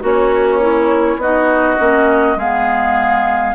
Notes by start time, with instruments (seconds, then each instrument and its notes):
0.00 bassoon A#3, oboe C#4, clarinet F#4, flute C#5
0.61 clarinet E4
1.16 bassoon B3, clarinet D#4, oboe F#4, flute D#5
1.78 bassoon A#3, clarinet C#4
2.36 bassoon G#3, clarinet B3, oboe G#4, flute F5